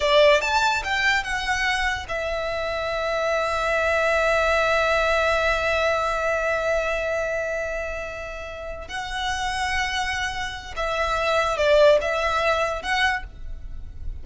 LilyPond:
\new Staff \with { instrumentName = "violin" } { \time 4/4 \tempo 4 = 145 d''4 a''4 g''4 fis''4~ | fis''4 e''2.~ | e''1~ | e''1~ |
e''1~ | e''4. fis''2~ fis''8~ | fis''2 e''2 | d''4 e''2 fis''4 | }